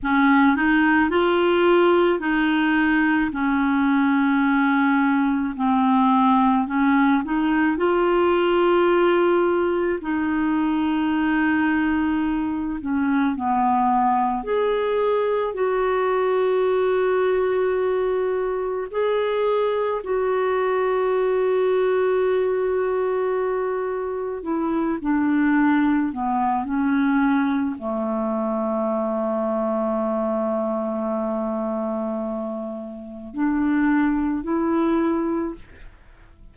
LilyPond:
\new Staff \with { instrumentName = "clarinet" } { \time 4/4 \tempo 4 = 54 cis'8 dis'8 f'4 dis'4 cis'4~ | cis'4 c'4 cis'8 dis'8 f'4~ | f'4 dis'2~ dis'8 cis'8 | b4 gis'4 fis'2~ |
fis'4 gis'4 fis'2~ | fis'2 e'8 d'4 b8 | cis'4 a2.~ | a2 d'4 e'4 | }